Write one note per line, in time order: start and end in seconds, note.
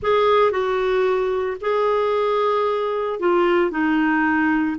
0.02 0.51 G#4
0.51 1.57 F#4
1.60 3.19 G#4
3.19 3.70 F4
3.70 4.76 D#4